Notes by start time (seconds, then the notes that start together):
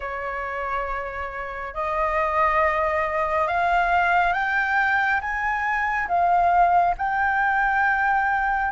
0.00 C#5
1.74 D#5
3.47 F5
4.33 G5
5.20 G#5
6.08 F5
6.97 G5